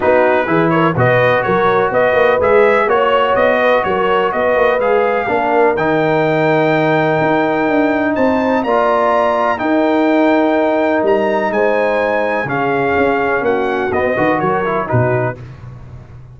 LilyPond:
<<
  \new Staff \with { instrumentName = "trumpet" } { \time 4/4 \tempo 4 = 125 b'4. cis''8 dis''4 cis''4 | dis''4 e''4 cis''4 dis''4 | cis''4 dis''4 f''2 | g''1~ |
g''4 a''4 ais''2 | g''2. ais''4 | gis''2 f''2 | fis''4 dis''4 cis''4 b'4 | }
  \new Staff \with { instrumentName = "horn" } { \time 4/4 fis'4 gis'8 ais'8 b'4 ais'4 | b'2 cis''4. b'8 | ais'4 b'2 ais'4~ | ais'1~ |
ais'4 c''4 d''2 | ais'1 | c''2 gis'2 | fis'4. b'8 ais'4 fis'4 | }
  \new Staff \with { instrumentName = "trombone" } { \time 4/4 dis'4 e'4 fis'2~ | fis'4 gis'4 fis'2~ | fis'2 gis'4 d'4 | dis'1~ |
dis'2 f'2 | dis'1~ | dis'2 cis'2~ | cis'4 b8 fis'4 e'8 dis'4 | }
  \new Staff \with { instrumentName = "tuba" } { \time 4/4 b4 e4 b,4 fis4 | b8 ais8 gis4 ais4 b4 | fis4 b8 ais8 gis4 ais4 | dis2. dis'4 |
d'4 c'4 ais2 | dis'2. g4 | gis2 cis4 cis'4 | ais4 b8 dis8 fis4 b,4 | }
>>